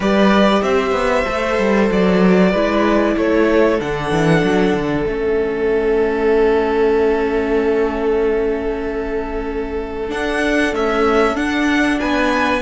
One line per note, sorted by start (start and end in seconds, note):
0.00 0.61 G3
0.00 1.25 G4
0.00 0.61 B4
0.00 0.62 D5
0.62 0.92 C4
0.62 2.50 C5
0.62 1.89 E5
0.92 1.23 B3
1.25 1.58 A3
1.25 2.52 A4
1.58 1.90 G3
1.91 2.53 F#3
1.91 3.17 D5
2.50 3.16 G#3
2.50 3.79 E4
2.50 3.13 B4
3.17 3.80 A3
3.17 11.99 A4
3.17 3.80 C#5
3.79 4.10 D3
3.79 5.06 D4
3.79 5.05 F#5
4.10 4.42 E3
4.43 4.73 F#3
4.73 5.05 D3
5.05 10.11 A3
5.05 10.08 C#4
5.05 10.10 E5
10.08 10.71 D4
10.08 10.74 D4
10.08 10.74 F#5
10.72 11.35 A3
10.72 11.36 C#4
10.72 11.36 E5
11.35 12.61 D4
11.35 11.99 D4
11.35 11.99 F#5
11.99 12.62 B3
11.99 12.62 B4
11.99 12.62 G#5